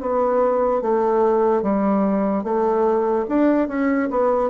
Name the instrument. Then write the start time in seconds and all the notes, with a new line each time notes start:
bassoon
0.00 B3
0.81 A3
1.62 G3
2.43 A3
3.28 D4
3.68 C#4
4.10 B3